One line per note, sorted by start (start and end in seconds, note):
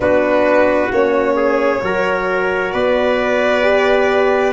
0.00 0.89 B3
0.00 0.90 D4
0.00 1.36 F#4
0.00 0.91 B4
0.90 1.81 A#3
0.90 1.80 C#4
0.90 2.71 C#5
1.36 1.81 G#4
1.80 2.73 F#3
1.80 3.62 F#4
1.80 2.72 A#4
2.71 4.53 B3
2.71 4.53 B4
2.71 4.53 D5
3.62 4.53 G4